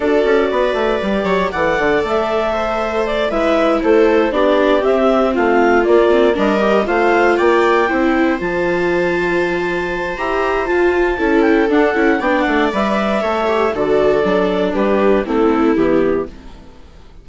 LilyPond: <<
  \new Staff \with { instrumentName = "clarinet" } { \time 4/4 \tempo 4 = 118 d''2. fis''4 | e''2 d''8 e''4 c''8~ | c''8 d''4 e''4 f''4 d''8~ | d''8 dis''4 f''4 g''4.~ |
g''8 a''2.~ a''8 | ais''4 a''4. g''8 fis''4 | g''8 fis''8 e''2 d''4~ | d''4 b'4 a'4 g'4 | }
  \new Staff \with { instrumentName = "viola" } { \time 4/4 a'4 b'4. cis''8 d''4~ | d''4 c''4. b'4 a'8~ | a'8 g'2 f'4.~ | f'8 ais'4 c''4 d''4 c''8~ |
c''1~ | c''2 a'2 | d''2 cis''4 a'4~ | a'4 g'4 e'2 | }
  \new Staff \with { instrumentName = "viola" } { \time 4/4 fis'2 g'4 a'4~ | a'2~ a'8 e'4.~ | e'8 d'4 c'2 ais8 | c'8 d'8 g'8 f'2 e'8~ |
e'8 f'2.~ f'8 | g'4 f'4 e'4 d'8 e'8 | d'4 b'4 a'8 g'8 fis'4 | d'2 c'4 b4 | }
  \new Staff \with { instrumentName = "bassoon" } { \time 4/4 d'8 cis'8 b8 a8 g8 fis8 e8 d8 | a2~ a8 gis4 a8~ | a8 b4 c'4 a4 ais8~ | ais8 g4 a4 ais4 c'8~ |
c'8 f2.~ f8 | e'4 f'4 cis'4 d'8 cis'8 | b8 a8 g4 a4 d4 | fis4 g4 a4 e4 | }
>>